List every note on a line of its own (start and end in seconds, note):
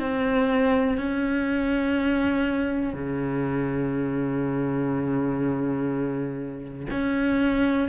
0.00 0.98 C4
0.98 2.94 C#4
2.94 6.87 C#3
6.91 7.89 C#4